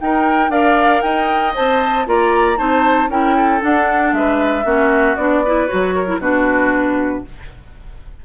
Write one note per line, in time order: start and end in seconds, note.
0.00 0.51 D#4
0.00 0.49 D#4
0.00 0.51 A#4
0.00 0.51 G5
0.49 1.01 D4
0.49 1.54 A#4
0.49 1.03 D5
0.49 1.01 F5
1.01 1.55 D#4
1.01 2.07 D#5
1.01 1.53 G5
1.54 2.07 C4
1.54 2.06 C5
1.54 2.07 A5
2.06 2.58 A#3
2.06 2.57 F4
2.06 2.58 D5
2.06 2.58 A#5
2.57 3.08 C4
2.57 3.08 D#4
2.57 3.10 C5
2.57 3.09 A5
3.08 3.60 C#4
3.08 3.61 E4
3.08 3.36 A#4
3.08 3.62 G5
3.37 4.14 A4
3.61 4.64 D4
3.61 4.13 D4
3.61 4.13 F#5
4.13 4.64 G#3
4.13 4.65 B4
4.13 5.16 E5
4.64 5.16 A#3
4.64 5.16 C#4
4.64 5.43 F#4
5.16 5.69 B3
5.16 5.44 D4
5.16 5.68 D5
5.45 5.67 E4
5.45 5.95 B4
5.67 6.19 F#3
5.67 6.06 F#4
5.67 6.19 C#5
5.95 6.21 A#4
6.06 6.19 E4
6.19 7.22 B2
6.19 7.25 D4
6.19 7.24 F#4
6.19 7.25 B4